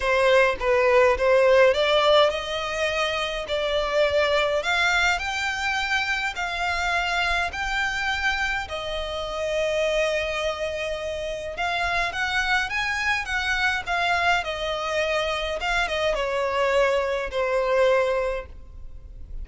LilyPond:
\new Staff \with { instrumentName = "violin" } { \time 4/4 \tempo 4 = 104 c''4 b'4 c''4 d''4 | dis''2 d''2 | f''4 g''2 f''4~ | f''4 g''2 dis''4~ |
dis''1 | f''4 fis''4 gis''4 fis''4 | f''4 dis''2 f''8 dis''8 | cis''2 c''2 | }